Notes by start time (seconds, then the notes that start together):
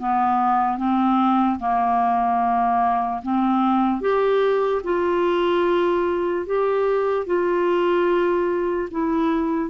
0.00 B3
0.78 C4
1.60 A#3
3.23 C4
4.01 G4
4.84 F4
6.46 G4
7.27 F4
8.91 E4